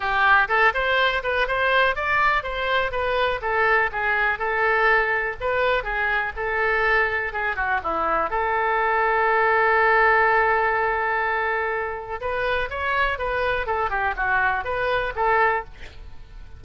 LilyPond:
\new Staff \with { instrumentName = "oboe" } { \time 4/4 \tempo 4 = 123 g'4 a'8 c''4 b'8 c''4 | d''4 c''4 b'4 a'4 | gis'4 a'2 b'4 | gis'4 a'2 gis'8 fis'8 |
e'4 a'2.~ | a'1~ | a'4 b'4 cis''4 b'4 | a'8 g'8 fis'4 b'4 a'4 | }